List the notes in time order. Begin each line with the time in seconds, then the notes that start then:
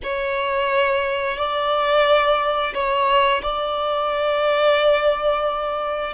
0.03 C#5
1.37 D5
2.74 C#5
3.42 D5